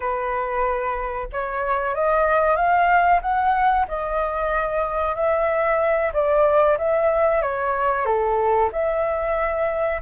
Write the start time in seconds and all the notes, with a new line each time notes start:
0.00 B4
1.32 C#5
1.94 D#5
2.55 F5
3.21 F#5
3.87 D#5
5.15 E5
6.13 D5
6.77 E5
7.42 C#5
8.05 A4
8.72 E5